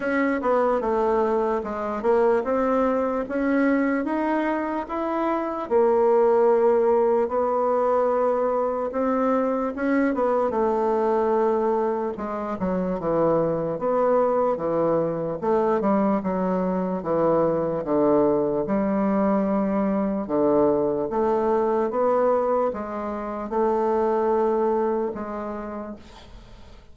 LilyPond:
\new Staff \with { instrumentName = "bassoon" } { \time 4/4 \tempo 4 = 74 cis'8 b8 a4 gis8 ais8 c'4 | cis'4 dis'4 e'4 ais4~ | ais4 b2 c'4 | cis'8 b8 a2 gis8 fis8 |
e4 b4 e4 a8 g8 | fis4 e4 d4 g4~ | g4 d4 a4 b4 | gis4 a2 gis4 | }